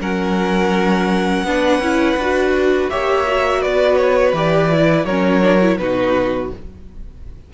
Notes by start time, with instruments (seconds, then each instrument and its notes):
0.00 cello F#3, viola C#4, violin A#4 F#5
1.43 cello B3, viola D4, violin B4
1.78 cello C#4, viola E4
2.16 cello D4, viola F#4
2.89 cello A#3, viola G4, violin C#5 E5
3.27 viola F#4
3.61 cello B3, violin B4 D5
3.96 violin C#5
4.33 cello E3, viola G4, violin D5
4.70 viola E4
5.05 cello F#3, viola C#4, violin A#4 C#5
5.41 viola D4
5.60 viola E4
5.77 cello B2, viola D#4, violin F#4 B4